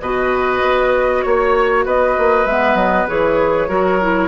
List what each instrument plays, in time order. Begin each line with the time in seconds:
0.00 bassoon B2, clarinet F#4, oboe B4, flute D#5
0.62 bassoon B3
1.22 bassoon A#3, flute C#5, oboe C#5
1.85 bassoon B3, oboe B4, flute D#5
2.18 bassoon A#3
2.45 bassoon G#3, clarinet B3, flute E5
2.74 bassoon F#3, flute D#5
3.08 bassoon E3, clarinet G#4, flute C#5
3.68 bassoon F#3, clarinet F#4, oboe A#4
4.01 clarinet E4